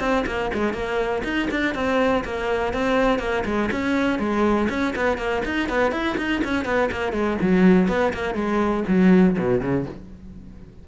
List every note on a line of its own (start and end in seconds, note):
0.00 0.25 C4
0.27 0.51 A#3
0.54 0.74 G#3
0.74 1.23 A#3
1.24 1.49 D#4
1.51 1.75 D4
1.75 2.24 C4
2.25 2.74 A#3
2.74 3.19 C4
3.19 3.44 A#3
3.45 3.70 G#3
3.72 4.19 C#4
4.19 4.68 G#3
4.70 4.94 C#4
4.96 5.18 B3
5.18 5.43 A#3
5.45 5.69 D#4
5.69 5.92 B3
5.92 6.17 E4
6.17 6.42 D#4
6.45 6.65 C#4
6.65 6.90 B3
6.92 7.13 A#3
7.13 7.37 G#3
7.42 7.88 F#3
7.88 8.13 B3
8.13 8.35 A#3
8.35 8.84 G#3
8.88 9.37 F#3
9.38 9.61 B2
9.61 9.86 C#3